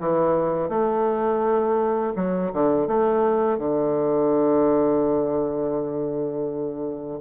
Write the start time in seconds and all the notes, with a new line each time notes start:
0.00 E3
0.69 A3
2.16 F#3
2.53 D3
2.88 A3
3.58 D3